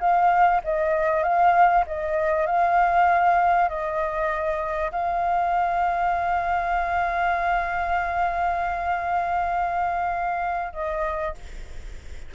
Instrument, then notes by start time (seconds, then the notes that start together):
flute
0.00 F5
0.64 D#5
1.23 F5
1.86 D#5
2.47 F5
3.69 D#5
4.91 F5
10.73 D#5